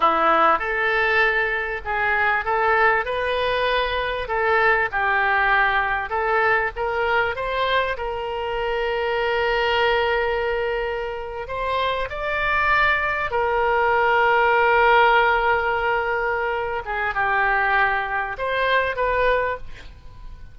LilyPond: \new Staff \with { instrumentName = "oboe" } { \time 4/4 \tempo 4 = 98 e'4 a'2 gis'4 | a'4 b'2 a'4 | g'2 a'4 ais'4 | c''4 ais'2.~ |
ais'2~ ais'8. c''4 d''16~ | d''4.~ d''16 ais'2~ ais'16~ | ais'2.~ ais'8 gis'8 | g'2 c''4 b'4 | }